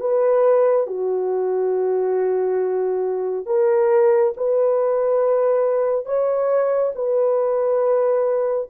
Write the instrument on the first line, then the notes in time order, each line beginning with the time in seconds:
horn
0.00 B4
0.87 F#4
3.46 A#4
4.37 B4
6.06 C#5
6.95 B4